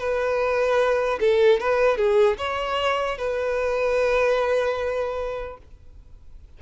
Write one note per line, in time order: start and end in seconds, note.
0.00 1.20 B4
1.20 1.60 A4
1.61 1.97 B4
1.97 2.37 G#4
2.38 3.18 C#5
3.18 5.58 B4